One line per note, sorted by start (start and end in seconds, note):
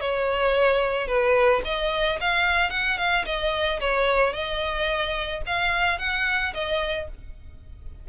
0.00 1.07 C#5
1.07 1.62 B4
1.64 2.19 D#5
2.20 2.70 F5
2.70 2.97 F#5
2.98 3.25 F5
3.25 3.80 D#5
3.80 4.33 C#5
4.33 5.42 D#5
5.46 5.99 F5
5.99 6.53 F#5
6.54 7.08 D#5